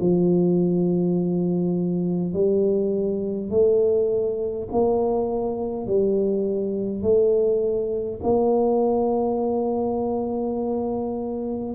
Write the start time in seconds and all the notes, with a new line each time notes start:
0.00 F3
2.33 G3
3.50 A3
4.72 A#3
5.87 G3
7.02 A3
8.23 A#3